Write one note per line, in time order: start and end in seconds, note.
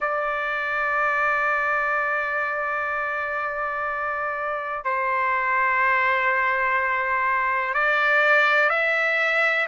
0.00 4.84 D5
4.84 7.74 C5
7.74 8.69 D5
8.69 9.66 E5